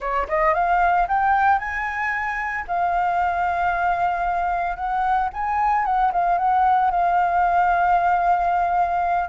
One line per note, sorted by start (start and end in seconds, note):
0.00 0.27 C#5
0.28 0.54 D#5
0.54 1.07 F5
1.08 1.58 G5
1.58 2.65 G#5
2.67 4.76 F5
4.76 5.29 F#5
5.33 5.85 G#5
5.85 6.11 F#5
6.12 6.38 F5
6.38 6.90 F#5
6.90 9.29 F5